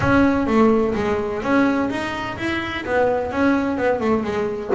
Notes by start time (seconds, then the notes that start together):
0.00 C#4
0.46 A3
0.94 G#3
1.42 C#4
1.89 D#4
2.37 E4
2.85 B3
3.31 C#4
3.77 B3
4.00 A3
4.23 G#3